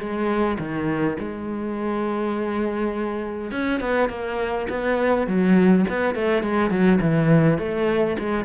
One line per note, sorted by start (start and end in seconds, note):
0.00 0.58 G#3
0.60 1.18 D#3
1.20 3.52 G#3
3.52 3.81 C#4
3.81 4.10 B3
4.10 4.68 A#3
4.70 5.27 B3
5.27 5.86 F#3
5.90 6.15 B3
6.15 6.43 A3
6.43 6.71 G#3
6.71 7.00 F#3
7.01 7.59 E3
7.59 8.17 A3
8.19 8.45 G#3